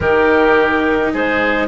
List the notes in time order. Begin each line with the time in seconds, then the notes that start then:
0.00 D#3 D#4 G4 A#4
1.13 G#3 G#4 C5